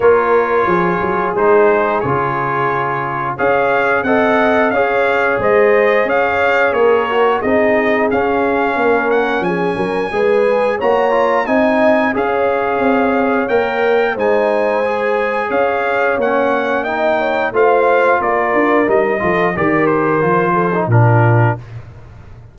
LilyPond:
<<
  \new Staff \with { instrumentName = "trumpet" } { \time 4/4 \tempo 4 = 89 cis''2 c''4 cis''4~ | cis''4 f''4 fis''4 f''4 | dis''4 f''4 cis''4 dis''4 | f''4. fis''8 gis''2 |
ais''4 gis''4 f''2 | g''4 gis''2 f''4 | fis''4 g''4 f''4 d''4 | dis''4 d''8 c''4. ais'4 | }
  \new Staff \with { instrumentName = "horn" } { \time 4/4 ais'4 gis'2.~ | gis'4 cis''4 dis''4 cis''4 | c''4 cis''4 ais'4 gis'4~ | gis'4 ais'4 gis'8 ais'8 b'4 |
cis''4 dis''4 cis''2~ | cis''4 c''2 cis''4~ | cis''4 dis''8 cis''8 c''4 ais'4~ | ais'8 a'8 ais'4. a'8 f'4 | }
  \new Staff \with { instrumentName = "trombone" } { \time 4/4 f'2 dis'4 f'4~ | f'4 gis'4 a'4 gis'4~ | gis'2~ gis'8 fis'8 dis'4 | cis'2. gis'4 |
fis'8 f'8 dis'4 gis'2 | ais'4 dis'4 gis'2 | cis'4 dis'4 f'2 | dis'8 f'8 g'4 f'8. dis'16 d'4 | }
  \new Staff \with { instrumentName = "tuba" } { \time 4/4 ais4 f8 fis8 gis4 cis4~ | cis4 cis'4 c'4 cis'4 | gis4 cis'4 ais4 c'4 | cis'4 ais4 f8 fis8 gis4 |
ais4 c'4 cis'4 c'4 | ais4 gis2 cis'4 | ais2 a4 ais8 d'8 | g8 f8 dis4 f4 ais,4 | }
>>